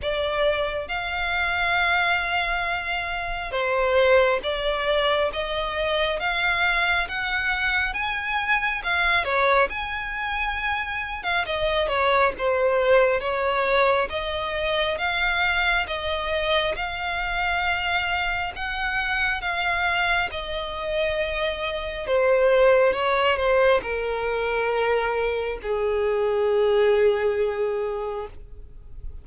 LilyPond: \new Staff \with { instrumentName = "violin" } { \time 4/4 \tempo 4 = 68 d''4 f''2. | c''4 d''4 dis''4 f''4 | fis''4 gis''4 f''8 cis''8 gis''4~ | gis''8. f''16 dis''8 cis''8 c''4 cis''4 |
dis''4 f''4 dis''4 f''4~ | f''4 fis''4 f''4 dis''4~ | dis''4 c''4 cis''8 c''8 ais'4~ | ais'4 gis'2. | }